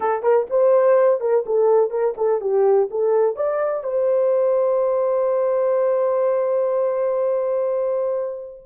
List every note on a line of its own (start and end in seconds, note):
0.00 0.23 A4
0.23 0.47 A#4
0.50 1.20 C5
1.20 1.44 A#4
1.45 1.90 A4
1.90 2.14 A#4
2.17 2.40 A4
2.40 2.88 G4
2.90 3.36 A4
3.36 3.83 D5
3.83 8.63 C5